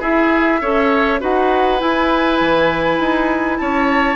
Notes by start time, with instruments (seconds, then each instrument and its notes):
0.00 clarinet E4, bassoon E4, oboe G#4, flute E5
0.61 bassoon C#4, clarinet A4, oboe C#5
1.20 bassoon D#4, clarinet F#4, oboe B4, flute F#5
1.78 clarinet E4, bassoon E4, flute G#5
2.40 bassoon E3
2.99 bassoon D#4
3.58 bassoon C#4, oboe C#5, flute A5